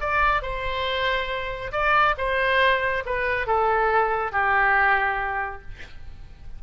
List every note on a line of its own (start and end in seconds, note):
0.00 0.42 D5
0.42 1.71 C5
1.72 2.15 D5
2.17 3.04 C5
3.05 3.46 B4
3.46 4.32 A4
4.32 5.61 G4